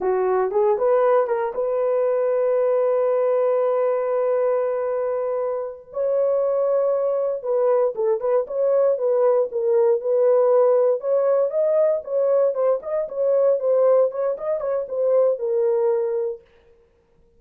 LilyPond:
\new Staff \with { instrumentName = "horn" } { \time 4/4 \tempo 4 = 117 fis'4 gis'8 b'4 ais'8 b'4~ | b'1~ | b'2.~ b'8 cis''8~ | cis''2~ cis''8 b'4 a'8 |
b'8 cis''4 b'4 ais'4 b'8~ | b'4. cis''4 dis''4 cis''8~ | cis''8 c''8 dis''8 cis''4 c''4 cis''8 | dis''8 cis''8 c''4 ais'2 | }